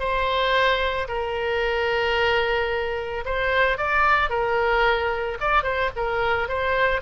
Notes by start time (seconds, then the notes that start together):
0.00 C5
1.09 A#4
3.26 C5
3.78 D5
4.30 A#4
5.41 D5
5.64 C5
5.97 A#4
6.49 C5